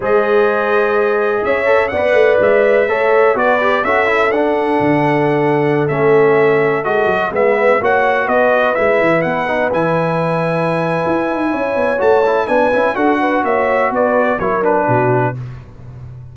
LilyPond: <<
  \new Staff \with { instrumentName = "trumpet" } { \time 4/4 \tempo 4 = 125 dis''2. e''4 | fis''4 e''2 d''4 | e''4 fis''2.~ | fis''16 e''2 dis''4 e''8.~ |
e''16 fis''4 dis''4 e''4 fis''8.~ | fis''16 gis''2.~ gis''8.~ | gis''4 a''4 gis''4 fis''4 | e''4 d''4 cis''8 b'4. | }
  \new Staff \with { instrumentName = "horn" } { \time 4/4 c''2. cis''4 | d''2 cis''4 b'4 | a'1~ | a'2.~ a'16 b'8.~ |
b'16 cis''4 b'2~ b'8.~ | b'1 | cis''2 b'4 a'8 b'8 | cis''4 b'4 ais'4 fis'4 | }
  \new Staff \with { instrumentName = "trombone" } { \time 4/4 gis'2.~ gis'8 a'8 | b'2 a'4 fis'8 g'8 | fis'8 e'8 d'2.~ | d'16 cis'2 fis'4 b8.~ |
b16 fis'2 e'4. dis'16~ | dis'16 e'2.~ e'8.~ | e'4 fis'8 e'8 d'8 e'8 fis'4~ | fis'2 e'8 d'4. | }
  \new Staff \with { instrumentName = "tuba" } { \time 4/4 gis2. cis'4 | b8 a8 gis4 a4 b4 | cis'4 d'4 d2~ | d16 a2 gis8 fis8 gis8.~ |
gis16 ais4 b4 gis8 e8 b8.~ | b16 e2~ e8. e'8 dis'8 | cis'8 b8 a4 b8 cis'8 d'4 | ais4 b4 fis4 b,4 | }
>>